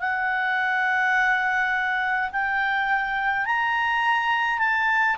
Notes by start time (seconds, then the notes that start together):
0.00 F#5
2.33 G5
3.46 A#5
4.59 A5